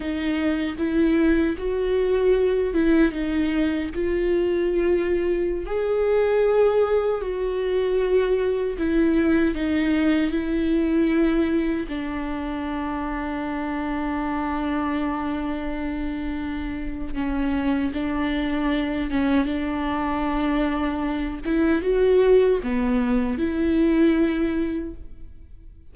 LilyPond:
\new Staff \with { instrumentName = "viola" } { \time 4/4 \tempo 4 = 77 dis'4 e'4 fis'4. e'8 | dis'4 f'2~ f'16 gis'8.~ | gis'4~ gis'16 fis'2 e'8.~ | e'16 dis'4 e'2 d'8.~ |
d'1~ | d'2 cis'4 d'4~ | d'8 cis'8 d'2~ d'8 e'8 | fis'4 b4 e'2 | }